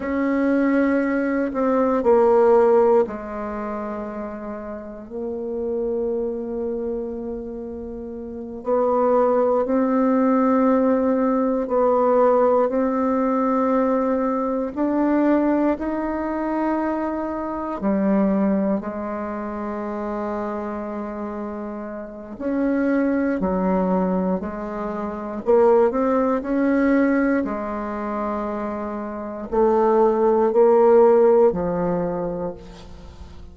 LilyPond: \new Staff \with { instrumentName = "bassoon" } { \time 4/4 \tempo 4 = 59 cis'4. c'8 ais4 gis4~ | gis4 ais2.~ | ais8 b4 c'2 b8~ | b8 c'2 d'4 dis'8~ |
dis'4. g4 gis4.~ | gis2 cis'4 fis4 | gis4 ais8 c'8 cis'4 gis4~ | gis4 a4 ais4 f4 | }